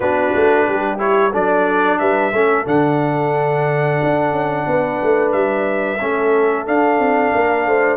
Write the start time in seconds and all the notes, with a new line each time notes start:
0.00 B3 D4 F#4 B4
0.34 A3
0.66 G3 G4
0.98 E4 C#5
1.30 F#3 D4 A4 D5
1.98 G3 B4 E5
2.32 A3 C#4 A4
2.65 D3 D4 F#5
4.03 D4
4.31 C#4
4.67 B3 B4
5.02 A3
5.32 G3 E5
6.00 A3 C#4 A4
6.66 D4 F5
6.98 C4
7.34 A#3 A#4
7.66 A3 C5